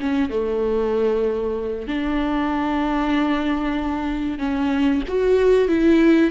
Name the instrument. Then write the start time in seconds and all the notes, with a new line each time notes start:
viola
0.00 C#4
0.29 A3
1.87 D4
4.38 C#4
5.08 F#4
5.68 E4